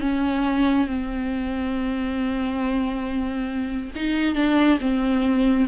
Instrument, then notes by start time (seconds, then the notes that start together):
viola
0.00 C#4
0.87 C4
3.95 D#4
4.35 D4
4.80 C4